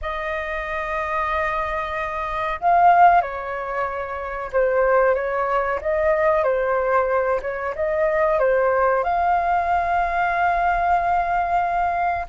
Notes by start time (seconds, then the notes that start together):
0.01 D#5
2.60 F5
3.21 C#5
4.52 C5
5.14 C#5
5.81 D#5
6.43 C5
7.42 C#5
7.75 D#5
8.39 C5
9.03 F5